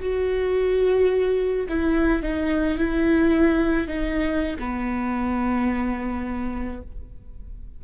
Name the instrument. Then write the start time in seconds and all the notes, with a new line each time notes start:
viola
0.00 F#4
1.69 E4
2.22 D#4
2.78 E4
3.87 D#4
4.59 B3